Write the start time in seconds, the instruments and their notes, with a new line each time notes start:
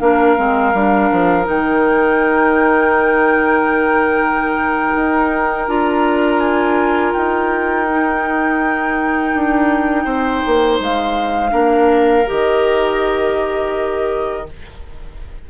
0.00 bassoon A#3, clarinet D4, oboe A#4, flute F5
0.37 bassoon G#3, clarinet C4
0.74 bassoon G3, clarinet D4
1.12 bassoon F3
1.44 bassoon D#3, clarinet D#4, flute G5
4.95 bassoon D#4
5.68 bassoon D4, clarinet F4, flute A#5
6.39 flute G#5
7.13 bassoon D#4, flute G5
7.90 clarinet D#4
9.34 bassoon D4
10.04 bassoon C4, oboe C5
10.46 bassoon A#3
10.80 bassoon G#3, flute F5
11.50 bassoon A#3, clarinet D4, oboe A#4
12.26 bassoon D#3, clarinet G4, flute D#5